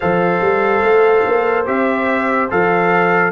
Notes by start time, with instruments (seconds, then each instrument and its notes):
0.00 tuba F3, trombone A4, horn C5, trumpet F5
0.40 tuba G3
0.82 tuba A3
1.26 tuba A#3
1.66 tuba C4, trombone G4, trumpet E5
2.50 tuba F3, trombone A4, trumpet F5